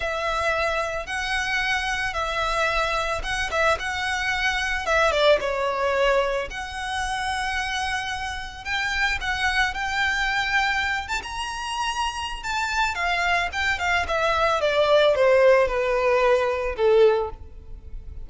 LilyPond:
\new Staff \with { instrumentName = "violin" } { \time 4/4 \tempo 4 = 111 e''2 fis''2 | e''2 fis''8 e''8 fis''4~ | fis''4 e''8 d''8 cis''2 | fis''1 |
g''4 fis''4 g''2~ | g''8 a''16 ais''2~ ais''16 a''4 | f''4 g''8 f''8 e''4 d''4 | c''4 b'2 a'4 | }